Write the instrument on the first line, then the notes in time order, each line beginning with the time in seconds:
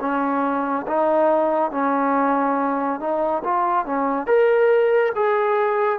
trombone
0.00 C#4
0.87 D#4
1.71 C#4
3.00 D#4
3.44 F4
3.85 C#4
4.26 A#4
5.15 G#4